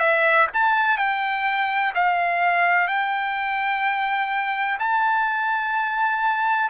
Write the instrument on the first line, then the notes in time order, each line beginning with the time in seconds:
trumpet
0.00 E5
0.54 A5
0.98 G5
1.95 F5
2.88 G5
4.80 A5